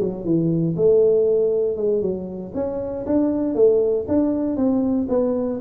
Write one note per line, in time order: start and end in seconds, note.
0.00 0.24 F#3
0.24 0.75 E3
0.77 1.77 A3
1.77 2.02 G#3
2.02 2.52 F#3
2.54 3.05 C#4
3.06 3.55 D4
3.55 4.05 A3
4.08 4.56 D4
4.56 5.07 C4
5.08 5.59 B3